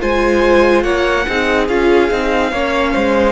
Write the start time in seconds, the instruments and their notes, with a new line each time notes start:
0.00 cello G#3, viola F4, violin C5 G#5
0.83 cello A#3, violin C#5 F#5
1.28 cello C4, viola D#4, violin G#4
1.68 cello C#4, viola F4, violin F5
2.11 cello C4, viola D#4
2.52 cello A#3, viola C#4, violin C#5
2.94 cello G#3, violin C5